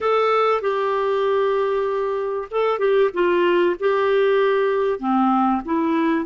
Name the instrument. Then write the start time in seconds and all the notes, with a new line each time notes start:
clarinet
0.00 A4
0.61 G4
2.51 A4
2.78 G4
3.13 F4
3.79 G4
4.99 C4
5.65 E4